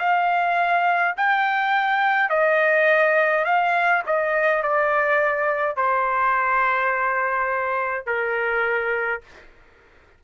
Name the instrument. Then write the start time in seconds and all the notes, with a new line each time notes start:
trumpet
0.00 F5
1.17 G5
2.30 D#5
3.45 F5
4.07 D#5
4.63 D5
5.77 C5
8.06 A#4